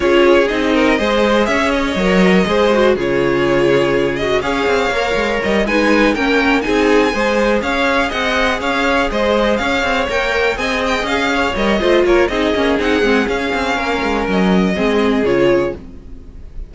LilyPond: <<
  \new Staff \with { instrumentName = "violin" } { \time 4/4 \tempo 4 = 122 cis''4 dis''2 e''8 dis''8~ | dis''2 cis''2~ | cis''8 dis''8 f''2 dis''8 gis''8~ | gis''8 g''4 gis''2 f''8~ |
f''8 fis''4 f''4 dis''4 f''8~ | f''8 g''4 gis''8 g''8 f''4 dis''8~ | dis''8 cis''8 dis''4 fis''4 f''4~ | f''4 dis''2 cis''4 | }
  \new Staff \with { instrumentName = "violin" } { \time 4/4 gis'4. ais'8 c''4 cis''4~ | cis''4 c''4 gis'2~ | gis'4 cis''2~ cis''8 b'8~ | b'8 ais'4 gis'4 c''4 cis''8~ |
cis''8 dis''4 cis''4 c''4 cis''8~ | cis''4. dis''4. cis''4 | c''8 ais'8 gis'2. | ais'2 gis'2 | }
  \new Staff \with { instrumentName = "viola" } { \time 4/4 f'4 dis'4 gis'2 | ais'4 gis'8 fis'8 f'2~ | f'8 fis'8 gis'4 ais'4. dis'8~ | dis'8 cis'4 dis'4 gis'4.~ |
gis'1~ | gis'8 ais'4 gis'2 ais'8 | f'4 dis'8 cis'8 dis'8 c'8 cis'4~ | cis'2 c'4 f'4 | }
  \new Staff \with { instrumentName = "cello" } { \time 4/4 cis'4 c'4 gis4 cis'4 | fis4 gis4 cis2~ | cis4 cis'8 c'8 ais8 gis8 g8 gis8~ | gis8 ais4 c'4 gis4 cis'8~ |
cis'8 c'4 cis'4 gis4 cis'8 | c'8 ais4 c'4 cis'4 g8 | a8 ais8 c'8 ais8 c'8 gis8 cis'8 c'8 | ais8 gis8 fis4 gis4 cis4 | }
>>